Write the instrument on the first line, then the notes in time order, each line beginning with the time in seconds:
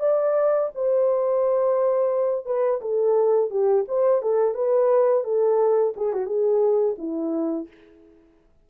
horn
0.00 D5
0.75 C5
2.45 B4
2.81 A4
3.50 G4
3.88 C5
4.22 A4
4.55 B4
5.24 A4
5.97 G#4
6.13 F#4
6.26 G#4
6.98 E4